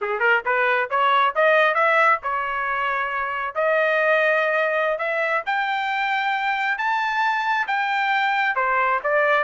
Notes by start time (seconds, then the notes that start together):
0.01 G#4
0.19 A#4
0.45 B4
0.89 C#5
1.35 D#5
1.74 E5
2.22 C#5
3.55 D#5
4.98 E5
5.46 G5
6.78 A5
7.67 G5
8.55 C5
9.03 D5